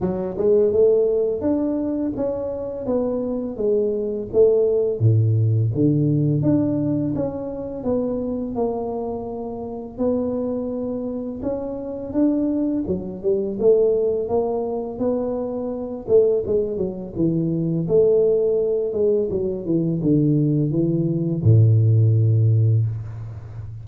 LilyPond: \new Staff \with { instrumentName = "tuba" } { \time 4/4 \tempo 4 = 84 fis8 gis8 a4 d'4 cis'4 | b4 gis4 a4 a,4 | d4 d'4 cis'4 b4 | ais2 b2 |
cis'4 d'4 fis8 g8 a4 | ais4 b4. a8 gis8 fis8 | e4 a4. gis8 fis8 e8 | d4 e4 a,2 | }